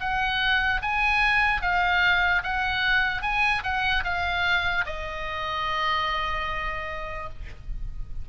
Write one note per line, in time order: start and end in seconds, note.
0.00 0.81 F#5
0.82 1.61 G#5
1.61 2.43 F5
2.43 3.22 F#5
3.22 3.63 G#5
3.63 4.04 F#5
4.04 4.85 F5
4.86 7.29 D#5